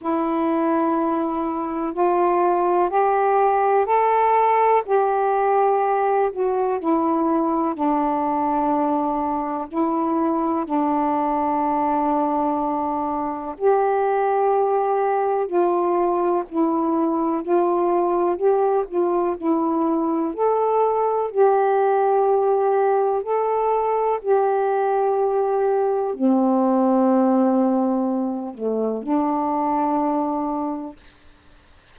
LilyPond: \new Staff \with { instrumentName = "saxophone" } { \time 4/4 \tempo 4 = 62 e'2 f'4 g'4 | a'4 g'4. fis'8 e'4 | d'2 e'4 d'4~ | d'2 g'2 |
f'4 e'4 f'4 g'8 f'8 | e'4 a'4 g'2 | a'4 g'2 c'4~ | c'4. a8 d'2 | }